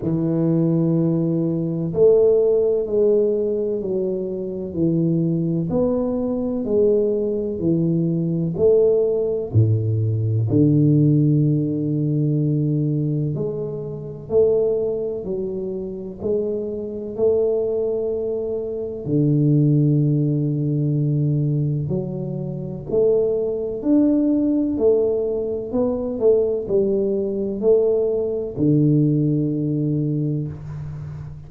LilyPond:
\new Staff \with { instrumentName = "tuba" } { \time 4/4 \tempo 4 = 63 e2 a4 gis4 | fis4 e4 b4 gis4 | e4 a4 a,4 d4~ | d2 gis4 a4 |
fis4 gis4 a2 | d2. fis4 | a4 d'4 a4 b8 a8 | g4 a4 d2 | }